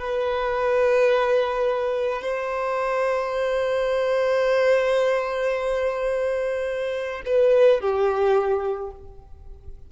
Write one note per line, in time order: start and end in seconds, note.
0.00 2.22 B4
2.22 7.22 C5
7.26 7.80 B4
7.80 8.91 G4